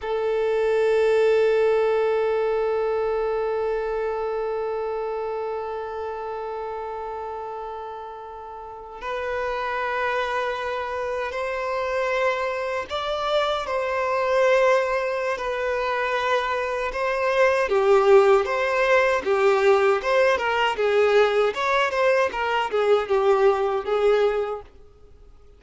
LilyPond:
\new Staff \with { instrumentName = "violin" } { \time 4/4 \tempo 4 = 78 a'1~ | a'1~ | a'2.~ a'8. b'16~ | b'2~ b'8. c''4~ c''16~ |
c''8. d''4 c''2~ c''16 | b'2 c''4 g'4 | c''4 g'4 c''8 ais'8 gis'4 | cis''8 c''8 ais'8 gis'8 g'4 gis'4 | }